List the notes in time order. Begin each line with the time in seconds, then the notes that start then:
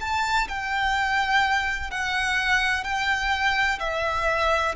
0.00 A5
0.48 G5
1.90 F#5
2.84 G5
3.79 E5